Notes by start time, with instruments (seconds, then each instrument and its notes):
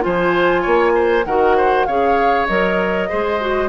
0.00 bassoon F3, clarinet F4, oboe C5, flute G#5
0.61 bassoon A#3, oboe C#5
0.94 oboe C5
1.24 bassoon D#3, clarinet F#4, oboe A#4, flute F#5
1.57 oboe C5
1.85 bassoon C#3, clarinet G#4, oboe C#5, flute F5
2.47 bassoon F#3, clarinet A#4, flute D#5
3.08 bassoon G#3, clarinet G#4, oboe C5
3.40 clarinet F#4